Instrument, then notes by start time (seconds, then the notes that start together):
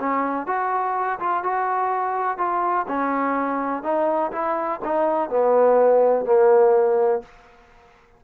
trombone
0.00 C#4
0.47 F#4
1.20 F4
1.44 F#4
2.38 F4
2.88 C#4
3.84 D#4
4.32 E4
4.85 D#4
5.30 B3
6.26 A#3